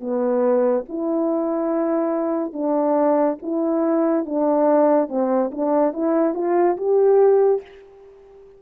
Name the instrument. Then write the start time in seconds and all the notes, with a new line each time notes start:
horn
0.00 B3
0.88 E4
2.53 D4
3.42 E4
4.25 D4
5.08 C4
5.51 D4
5.93 E4
6.34 F4
6.77 G4